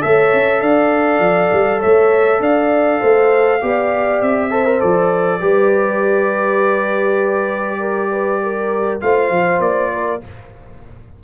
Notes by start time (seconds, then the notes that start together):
0.00 A3 A4 C#5 E5
0.34 C#4
0.60 D4 D5 F5
1.19 F3
1.53 G3
1.79 A3 C#5 E5
2.40 D4 D5 F5
3.00 A3 C5
3.61 B3 G4 D5
4.22 C4 E5
4.50 A4 C5
4.65 A#4
4.80 F3 A4 D5
5.39 G3 G4 B4
7.79 A#4
8.12 B4
8.43 A#4
9.01 A3 F4 C5 F5
9.30 F3
9.60 A#3 D5
9.93 A#4